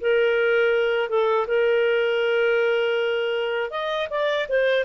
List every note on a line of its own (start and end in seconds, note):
0.00 1.09 A#4
1.09 1.47 A4
1.47 3.71 A#4
3.71 4.08 D#5
4.10 4.47 D5
4.49 4.84 C5